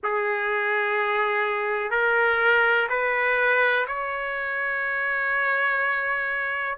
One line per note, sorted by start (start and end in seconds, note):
0.03 1.90 G#4
1.90 2.87 A#4
2.89 3.86 B4
3.87 6.77 C#5